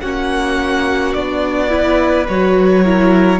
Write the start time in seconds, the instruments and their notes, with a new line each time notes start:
0.00 cello A#3, viola C#4, violin F#4 F#5
1.13 cello B3, viola D4, violin D5
1.69 viola E4, violin B4
2.28 cello F#3, viola F#4, violin C#5
2.84 viola E4, violin A#4